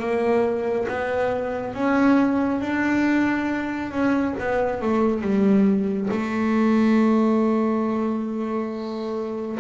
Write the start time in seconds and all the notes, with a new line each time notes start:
0.00 A#3
0.89 B3
1.74 C#4
2.61 D4
3.91 C#4
4.40 B3
4.82 A3
5.22 G3
6.11 A3